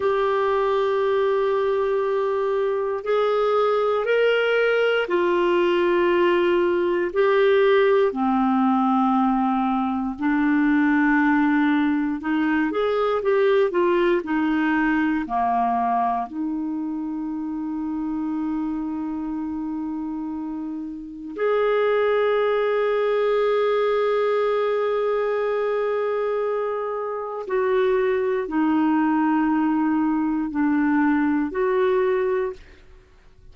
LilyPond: \new Staff \with { instrumentName = "clarinet" } { \time 4/4 \tempo 4 = 59 g'2. gis'4 | ais'4 f'2 g'4 | c'2 d'2 | dis'8 gis'8 g'8 f'8 dis'4 ais4 |
dis'1~ | dis'4 gis'2.~ | gis'2. fis'4 | dis'2 d'4 fis'4 | }